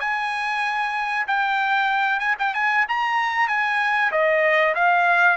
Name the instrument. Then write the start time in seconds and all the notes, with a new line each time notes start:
trumpet
0.00 G#5
1.27 G5
2.19 G#5
2.39 G5
2.54 G#5
2.88 A#5
3.48 G#5
4.11 D#5
4.75 F5